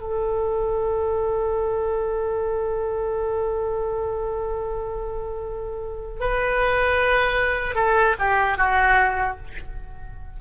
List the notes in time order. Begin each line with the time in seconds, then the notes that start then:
0.00 A4
6.20 B4
7.75 A4
8.19 G4
8.57 F#4